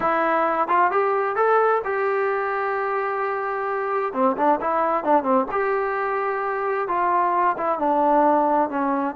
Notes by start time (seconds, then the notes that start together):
0.00 E4
0.68 F4
0.91 G4
1.36 A4
1.84 G4
4.13 C4
4.36 D4
4.60 E4
5.03 D4
5.23 C4
5.51 G4
6.87 F4
7.57 E4
7.78 D4
8.69 C#4